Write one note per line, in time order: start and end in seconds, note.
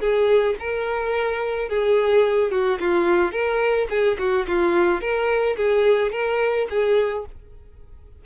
0.00 0.56 G#4
0.60 1.69 A#4
1.69 2.52 G#4
2.52 2.79 F#4
2.80 3.32 F4
3.32 3.87 A#4
3.90 4.18 G#4
4.19 4.46 F#4
4.47 5.01 F4
5.01 5.57 A#4
5.57 6.12 G#4
6.12 6.67 A#4
6.70 7.26 G#4